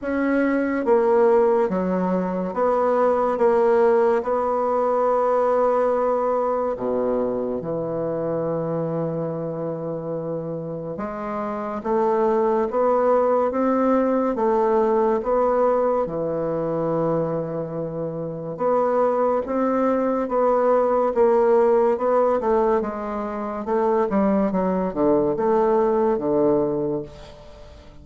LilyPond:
\new Staff \with { instrumentName = "bassoon" } { \time 4/4 \tempo 4 = 71 cis'4 ais4 fis4 b4 | ais4 b2. | b,4 e2.~ | e4 gis4 a4 b4 |
c'4 a4 b4 e4~ | e2 b4 c'4 | b4 ais4 b8 a8 gis4 | a8 g8 fis8 d8 a4 d4 | }